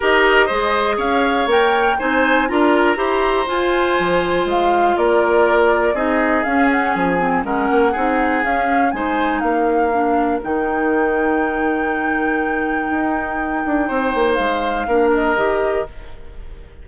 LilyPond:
<<
  \new Staff \with { instrumentName = "flute" } { \time 4/4 \tempo 4 = 121 dis''2 f''4 g''4 | gis''4 ais''2 gis''4~ | gis''4 f''4 d''2 | dis''4 f''8 fis''8 gis''4 fis''4~ |
fis''4 f''4 gis''4 f''4~ | f''4 g''2.~ | g''1~ | g''4 f''4. dis''4. | }
  \new Staff \with { instrumentName = "oboe" } { \time 4/4 ais'4 c''4 cis''2 | c''4 ais'4 c''2~ | c''2 ais'2 | gis'2. ais'4 |
gis'2 c''4 ais'4~ | ais'1~ | ais'1 | c''2 ais'2 | }
  \new Staff \with { instrumentName = "clarinet" } { \time 4/4 g'4 gis'2 ais'4 | dis'4 f'4 g'4 f'4~ | f'1 | dis'4 cis'4. c'8 cis'4 |
dis'4 cis'4 dis'2 | d'4 dis'2.~ | dis'1~ | dis'2 d'4 g'4 | }
  \new Staff \with { instrumentName = "bassoon" } { \time 4/4 dis'4 gis4 cis'4 ais4 | c'4 d'4 e'4 f'4 | f4 gis4 ais2 | c'4 cis'4 f4 gis8 ais8 |
c'4 cis'4 gis4 ais4~ | ais4 dis2.~ | dis2 dis'4. d'8 | c'8 ais8 gis4 ais4 dis4 | }
>>